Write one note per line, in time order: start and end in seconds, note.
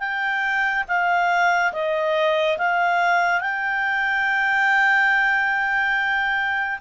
0.00 0.85 G5
0.88 1.73 F5
1.73 2.58 D#5
2.59 3.41 F5
3.41 6.79 G5